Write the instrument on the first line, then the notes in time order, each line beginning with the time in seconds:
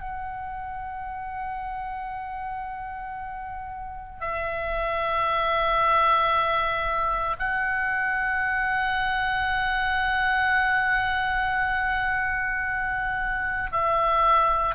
oboe
0.00 F#5
4.20 E5
7.39 F#5
13.72 E5